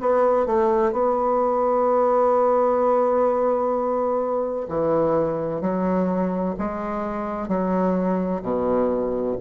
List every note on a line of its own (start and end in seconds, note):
0.00 0.46 B3
0.46 0.92 A3
0.92 4.67 B3
4.68 5.61 E3
5.61 6.55 F#3
6.58 7.48 G#3
7.48 8.42 F#3
8.42 9.36 B2